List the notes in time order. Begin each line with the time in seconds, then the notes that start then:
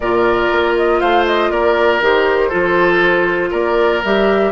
0.00 A#2 F4 A#4 D5
0.51 A#3
0.76 D#5
1.00 A3 C5 F5
1.25 D#5
1.50 A#3 A#4 D5
2.00 D#3 G4 C5
2.48 F3 F4 A4
3.50 A#3 A#4 D5
4.04 G3 G4 E5